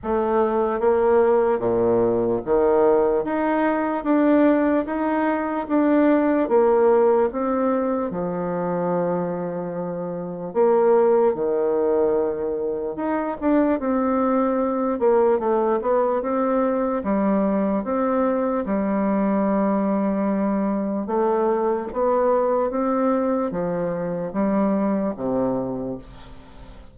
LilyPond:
\new Staff \with { instrumentName = "bassoon" } { \time 4/4 \tempo 4 = 74 a4 ais4 ais,4 dis4 | dis'4 d'4 dis'4 d'4 | ais4 c'4 f2~ | f4 ais4 dis2 |
dis'8 d'8 c'4. ais8 a8 b8 | c'4 g4 c'4 g4~ | g2 a4 b4 | c'4 f4 g4 c4 | }